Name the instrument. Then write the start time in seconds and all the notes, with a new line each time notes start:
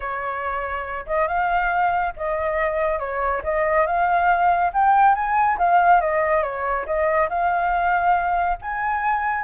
flute
0.00 C#5
1.06 D#5
1.27 F5
2.16 D#5
2.99 C#5
3.43 D#5
3.86 F5
4.73 G5
5.14 G#5
5.57 F5
6.00 D#5
6.42 C#5
6.86 D#5
7.29 F5
8.61 G#5